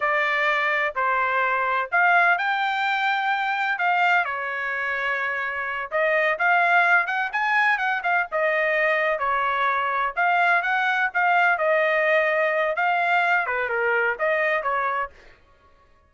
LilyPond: \new Staff \with { instrumentName = "trumpet" } { \time 4/4 \tempo 4 = 127 d''2 c''2 | f''4 g''2. | f''4 cis''2.~ | cis''8 dis''4 f''4. fis''8 gis''8~ |
gis''8 fis''8 f''8 dis''2 cis''8~ | cis''4. f''4 fis''4 f''8~ | f''8 dis''2~ dis''8 f''4~ | f''8 b'8 ais'4 dis''4 cis''4 | }